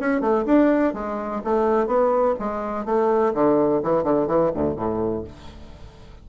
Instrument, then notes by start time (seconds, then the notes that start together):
bassoon
0.00 C#4
0.21 A3
0.46 D4
0.94 G#3
1.44 A3
1.87 B3
2.40 G#3
2.86 A3
3.34 D3
3.84 E3
4.04 D3
4.27 E3
4.54 D2
4.76 A2